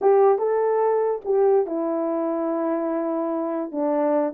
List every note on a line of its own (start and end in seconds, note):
0.01 0.38 G4
0.38 1.21 A4
1.25 1.66 G4
1.66 3.71 E4
3.71 4.33 D4